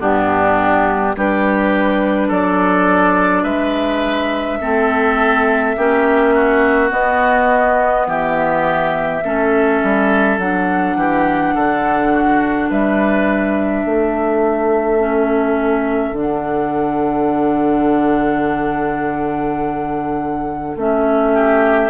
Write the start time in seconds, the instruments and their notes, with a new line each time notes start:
0.00 bassoon G2, clarinet B3, oboe D4, flute G4
1.17 bassoon G3, clarinet D4, oboe G4, flute B4
2.29 bassoon F#3, oboe A4, flute D5
3.44 bassoon G#3, oboe B4, flute E5
4.61 bassoon A3, clarinet C4, oboe A4
5.77 bassoon A#3, clarinet C#4, oboe G4
6.35 oboe F#4
6.90 clarinet B3, bassoon B3, flute D#5
8.07 bassoon E3, oboe G4, flute E5
9.25 bassoon A3, clarinet C#4, oboe A4
9.83 bassoon G3
10.39 bassoon F#3, clarinet D4, flute F#5
10.96 bassoon E3, oboe G4
11.55 bassoon D3, oboe A4
12.13 oboe F#4
12.70 bassoon G3, oboe B4, flute E5
13.86 bassoon A3, oboe A4
15.00 clarinet C#4
16.12 bassoon D3, clarinet D4, flute F#5
20.77 bassoon A3, clarinet C#4, flute E5
21.34 oboe G4